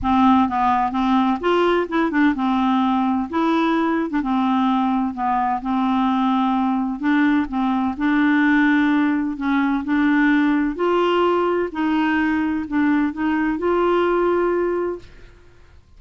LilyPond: \new Staff \with { instrumentName = "clarinet" } { \time 4/4 \tempo 4 = 128 c'4 b4 c'4 f'4 | e'8 d'8 c'2 e'4~ | e'8. d'16 c'2 b4 | c'2. d'4 |
c'4 d'2. | cis'4 d'2 f'4~ | f'4 dis'2 d'4 | dis'4 f'2. | }